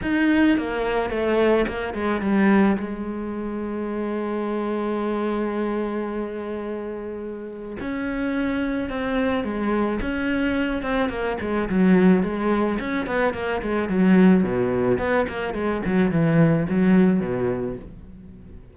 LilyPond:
\new Staff \with { instrumentName = "cello" } { \time 4/4 \tempo 4 = 108 dis'4 ais4 a4 ais8 gis8 | g4 gis2.~ | gis1~ | gis2 cis'2 |
c'4 gis4 cis'4. c'8 | ais8 gis8 fis4 gis4 cis'8 b8 | ais8 gis8 fis4 b,4 b8 ais8 | gis8 fis8 e4 fis4 b,4 | }